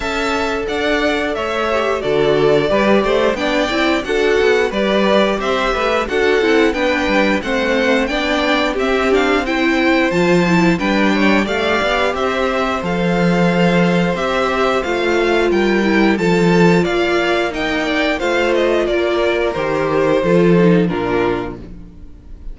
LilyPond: <<
  \new Staff \with { instrumentName = "violin" } { \time 4/4 \tempo 4 = 89 a''4 fis''4 e''4 d''4~ | d''4 g''4 fis''4 d''4 | e''4 fis''4 g''4 fis''4 | g''4 e''8 f''8 g''4 a''4 |
g''4 f''4 e''4 f''4~ | f''4 e''4 f''4 g''4 | a''4 f''4 g''4 f''8 dis''8 | d''4 c''2 ais'4 | }
  \new Staff \with { instrumentName = "violin" } { \time 4/4 e''4 d''4 cis''4 a'4 | b'8 c''8 d''4 a'4 b'4 | c''8 b'8 a'4 b'4 c''4 | d''4 g'4 c''2 |
b'8 cis''8 d''4 c''2~ | c''2. ais'4 | a'4 d''4 dis''8 d''8 c''4 | ais'2 a'4 f'4 | }
  \new Staff \with { instrumentName = "viola" } { \time 4/4 a'2~ a'8 g'8 fis'4 | g'4 d'8 e'8 fis'4 g'4~ | g'4 fis'8 e'8 d'4 c'4 | d'4 c'8 d'8 e'4 f'8 e'8 |
d'4 g'2 a'4~ | a'4 g'4 f'4. e'8 | f'2 dis'4 f'4~ | f'4 g'4 f'8 dis'8 d'4 | }
  \new Staff \with { instrumentName = "cello" } { \time 4/4 cis'4 d'4 a4 d4 | g8 a8 b8 c'8 d'8 b8 g4 | c'8 a8 d'8 c'8 b8 g8 a4 | b4 c'2 f4 |
g4 a8 b8 c'4 f4~ | f4 c'4 a4 g4 | f4 ais2 a4 | ais4 dis4 f4 ais,4 | }
>>